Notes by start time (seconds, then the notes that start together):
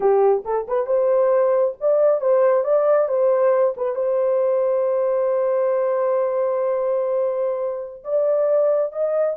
0.00 G4
0.44 A4
0.67 B4
0.86 C5
1.80 D5
2.21 C5
2.64 D5
3.08 C5
3.77 B4
3.95 C5
8.04 D5
8.92 D#5